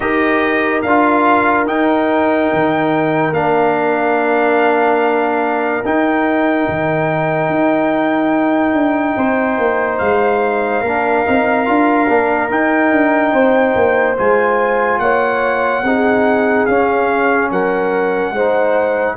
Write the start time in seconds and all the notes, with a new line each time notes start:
0.00 D#4 G4 A#4 D#5
0.82 D4 F4 F5
1.66 D#4 G5
2.53 D#3
3.31 A#3 D4 F5
5.84 D#4 G5
6.68 D#3
7.49 D#4
8.73 D4
9.16 C4 C5
9.57 A#3
9.98 G#3 F5
10.80 A#3 D4 A#4
11.25 C4 D#4
11.65 D4 F4
12.08 A#3 D4
12.49 D#4 G5
12.91 D4
13.33 C4 C5
13.75 A#3
14.17 G#3 F4 G#5
14.98 A#3 C#5 F#5
15.82 C4 D#4 G#4
16.65 C#4 F5
17.51 F#3 A#4 F#5
18.31 G#3 D#4 C5